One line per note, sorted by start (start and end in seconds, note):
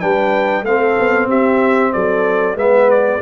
0.00 0.63 G3
0.00 0.64 D4
0.00 0.64 B4
0.00 0.64 G5
0.63 0.95 A3
0.63 2.56 C4
0.63 1.28 A4
0.63 1.29 F5
0.98 1.28 B3
1.28 1.92 C4
1.28 1.91 G4
1.28 1.92 E5
1.92 2.55 F#3
1.92 2.57 A4
1.92 2.56 D5
2.55 3.19 G#3
2.55 3.20 B3
2.55 3.20 B4
2.55 2.90 E5
2.90 3.21 D5